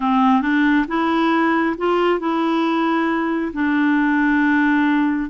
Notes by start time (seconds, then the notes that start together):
0.00 C4
0.41 D4
0.87 E4
1.77 F4
2.19 E4
3.53 D4